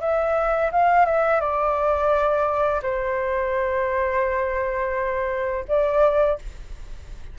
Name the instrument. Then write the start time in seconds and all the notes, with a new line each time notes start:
flute
0.00 E5
0.72 F5
1.06 E5
1.40 D5
2.82 C5
5.68 D5